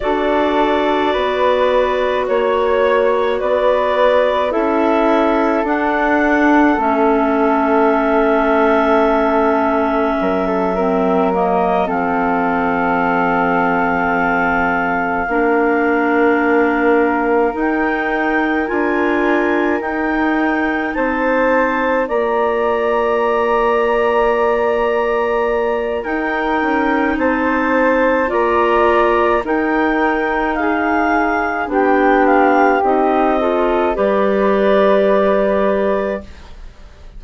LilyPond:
<<
  \new Staff \with { instrumentName = "clarinet" } { \time 4/4 \tempo 4 = 53 d''2 cis''4 d''4 | e''4 fis''4 e''2~ | e''2 dis''8 f''4.~ | f''2.~ f''8 g''8~ |
g''8 gis''4 g''4 a''4 ais''8~ | ais''2. g''4 | a''4 ais''4 g''4 f''4 | g''8 f''8 dis''4 d''2 | }
  \new Staff \with { instrumentName = "flute" } { \time 4/4 a'4 b'4 cis''4 b'4 | a'1~ | a'4 ais'16 a'16 ais'4 a'4.~ | a'4. ais'2~ ais'8~ |
ais'2~ ais'8 c''4 d''8~ | d''2. ais'4 | c''4 d''4 ais'4 gis'4 | g'4. a'8 b'2 | }
  \new Staff \with { instrumentName = "clarinet" } { \time 4/4 fis'1 | e'4 d'4 cis'2~ | cis'4. c'8 ais8 c'4.~ | c'4. d'2 dis'8~ |
dis'8 f'4 dis'2 f'8~ | f'2. dis'4~ | dis'4 f'4 dis'2 | d'4 dis'8 f'8 g'2 | }
  \new Staff \with { instrumentName = "bassoon" } { \time 4/4 d'4 b4 ais4 b4 | cis'4 d'4 a2~ | a4 fis4. f4.~ | f4. ais2 dis'8~ |
dis'8 d'4 dis'4 c'4 ais8~ | ais2. dis'8 cis'8 | c'4 ais4 dis'2 | b4 c'4 g2 | }
>>